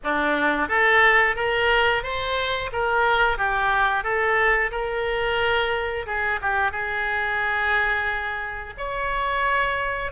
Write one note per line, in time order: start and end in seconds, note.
0.03 0.68 D4
0.68 1.35 A4
1.35 2.03 A#4
2.03 2.70 C5
2.72 3.37 A#4
3.37 4.03 G4
4.03 4.70 A4
4.71 6.06 A#4
6.06 6.40 G#4
6.41 6.71 G4
6.71 8.74 G#4
8.77 10.11 C#5